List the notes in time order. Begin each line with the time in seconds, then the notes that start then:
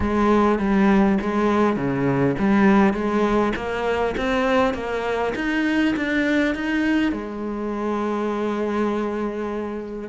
0.00 G#3
0.59 G3
1.20 G#3
1.76 C#3
2.38 G3
2.93 G#3
3.55 A#3
4.17 C4
4.74 A#3
5.35 D#4
5.96 D4
6.54 D#4
7.12 G#3